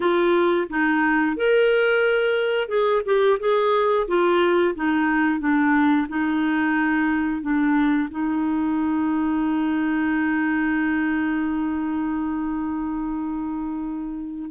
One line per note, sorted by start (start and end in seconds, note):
0.00 0.67 F4
0.69 1.36 D#4
1.36 2.68 A#4
2.68 3.02 G#4
3.05 3.39 G4
3.39 4.07 G#4
4.07 4.74 F4
4.75 5.39 D#4
5.39 6.07 D4
6.08 7.41 D#4
7.41 8.08 D4
8.10 14.50 D#4